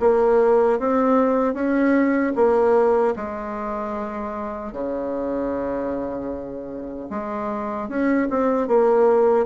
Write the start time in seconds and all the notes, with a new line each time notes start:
0.00 A#3
0.79 C4
1.54 C#4
2.35 A#3
3.16 G#3
4.72 C#3
7.10 G#3
7.88 C#4
8.30 C4
8.68 A#3